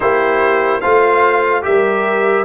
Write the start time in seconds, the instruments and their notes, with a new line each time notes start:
0.00 tuba A#3, trombone E4, horn G4, trumpet C5
0.80 tuba A3, trombone F4, horn C5, trumpet F5
1.62 tuba G3, trombone G4, horn A#4, trumpet E5